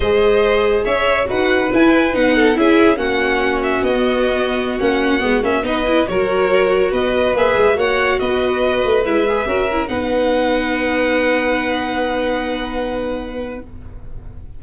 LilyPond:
<<
  \new Staff \with { instrumentName = "violin" } { \time 4/4 \tempo 4 = 141 dis''2 e''4 fis''4 | gis''4 fis''4 e''4 fis''4~ | fis''8 e''8 dis''2~ dis''16 fis''8.~ | fis''8. e''8 dis''4 cis''4.~ cis''16~ |
cis''16 dis''4 e''4 fis''4 dis''8.~ | dis''4~ dis''16 e''2 fis''8.~ | fis''1~ | fis''1 | }
  \new Staff \with { instrumentName = "violin" } { \time 4/4 c''2 cis''4 b'4~ | b'4. a'8 gis'4 fis'4~ | fis'1~ | fis'4~ fis'16 b'4 ais'4.~ ais'16~ |
ais'16 b'2 cis''4 b'8.~ | b'2~ b'16 ais'4 b'8.~ | b'1~ | b'1 | }
  \new Staff \with { instrumentName = "viola" } { \time 4/4 gis'2. fis'4 | e'4 dis'4 e'4 cis'4~ | cis'4~ cis'16 b2 cis'8.~ | cis'16 b8 cis'8 dis'8 e'8 fis'4.~ fis'16~ |
fis'4~ fis'16 gis'4 fis'4.~ fis'16~ | fis'4~ fis'16 e'8 gis'8 fis'8 e'8 dis'8.~ | dis'1~ | dis'1 | }
  \new Staff \with { instrumentName = "tuba" } { \time 4/4 gis2 cis'4 dis'4 | e'4 b4 cis'4 ais4~ | ais4 b2~ b16 ais8.~ | ais16 gis8 ais8 b4 fis4.~ fis16~ |
fis16 b4 ais8 gis8 ais4 b8.~ | b8. a8 gis4 cis'4 b8.~ | b1~ | b1 | }
>>